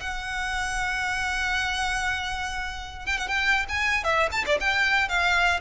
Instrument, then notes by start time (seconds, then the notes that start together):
violin
0.00 F#5
3.06 G5
3.17 F#5
3.27 G5
3.68 G#5
4.03 E5
4.31 A5
4.46 D5
4.60 G5
5.08 F5